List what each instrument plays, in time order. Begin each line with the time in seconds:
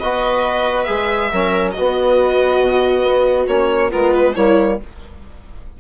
0.00 bassoon B3, trombone F#4, viola B4, violin D#5
0.84 bassoon G#3, trombone G#4, violin E5
1.32 bassoon F#3, trombone C#4, viola A#4
1.71 viola F#4, violin D#5
1.78 trombone B3, bassoon B3
2.61 bassoon B2
3.04 bassoon B3
3.48 bassoon A#3, trombone C#4, violin C#5
3.91 bassoon G#3, trombone B3, viola F4, violin A#4
4.14 violin B4
4.35 bassoon G3, trombone A#3, viola E4, violin C#5